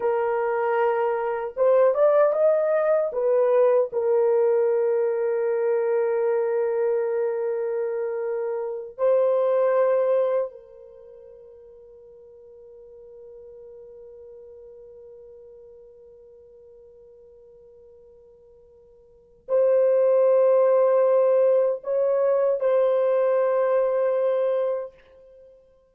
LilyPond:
\new Staff \with { instrumentName = "horn" } { \time 4/4 \tempo 4 = 77 ais'2 c''8 d''8 dis''4 | b'4 ais'2.~ | ais'2.~ ais'8 c''8~ | c''4. ais'2~ ais'8~ |
ais'1~ | ais'1~ | ais'4 c''2. | cis''4 c''2. | }